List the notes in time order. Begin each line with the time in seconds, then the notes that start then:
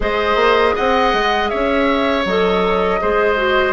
0.00 G#3 G#4 C5 D#5
0.35 A#3
0.75 C4 D#5 F#5
1.13 G#3
1.48 C#4 C#5 E5
2.25 F#3 A4 D#5
3.00 G#3 G#4 C5
3.36 F#4